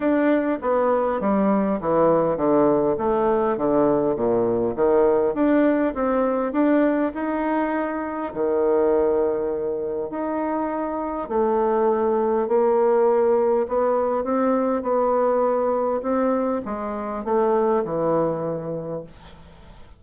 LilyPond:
\new Staff \with { instrumentName = "bassoon" } { \time 4/4 \tempo 4 = 101 d'4 b4 g4 e4 | d4 a4 d4 ais,4 | dis4 d'4 c'4 d'4 | dis'2 dis2~ |
dis4 dis'2 a4~ | a4 ais2 b4 | c'4 b2 c'4 | gis4 a4 e2 | }